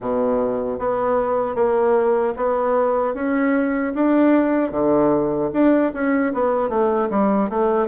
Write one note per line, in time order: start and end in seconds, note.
0.00 0.78 B2
0.78 1.55 B3
1.55 2.34 A#3
2.36 3.14 B3
3.14 3.93 C#4
3.95 4.71 D4
4.71 5.50 D3
5.53 5.92 D4
5.93 6.33 C#4
6.33 6.69 B3
6.69 7.08 A3
7.10 7.49 G3
7.49 7.87 A3